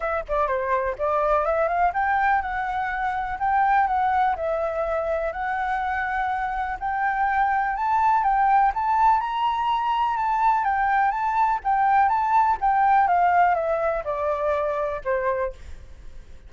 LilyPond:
\new Staff \with { instrumentName = "flute" } { \time 4/4 \tempo 4 = 124 e''8 d''8 c''4 d''4 e''8 f''8 | g''4 fis''2 g''4 | fis''4 e''2 fis''4~ | fis''2 g''2 |
a''4 g''4 a''4 ais''4~ | ais''4 a''4 g''4 a''4 | g''4 a''4 g''4 f''4 | e''4 d''2 c''4 | }